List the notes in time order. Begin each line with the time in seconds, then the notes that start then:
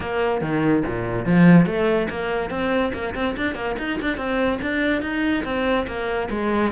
0.00 A#3
0.41 D#3
0.86 A#2
1.25 F3
1.66 A3
2.09 A#3
2.49 C4
2.93 A#3
3.14 C4
3.36 D4
3.55 A#3
3.78 D#4
4.01 D4
4.17 C4
4.61 D4
5.01 D#4
5.44 C4
5.87 A#3
6.30 G#3